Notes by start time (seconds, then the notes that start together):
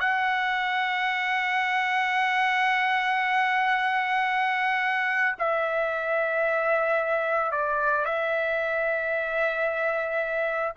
0.00 F#5
5.39 E5
7.52 D5
8.06 E5